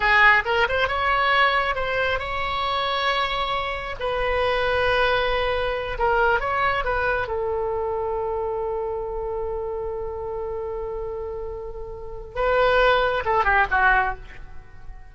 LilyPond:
\new Staff \with { instrumentName = "oboe" } { \time 4/4 \tempo 4 = 136 gis'4 ais'8 c''8 cis''2 | c''4 cis''2.~ | cis''4 b'2.~ | b'4. ais'4 cis''4 b'8~ |
b'8 a'2.~ a'8~ | a'1~ | a'1 | b'2 a'8 g'8 fis'4 | }